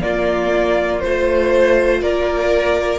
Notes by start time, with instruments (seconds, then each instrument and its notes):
0.00 viola A#3, cello A#3, violin F4 D5
1.00 cello A3, viola F4, violin C5
2.02 cello A#3, violin A#4 D5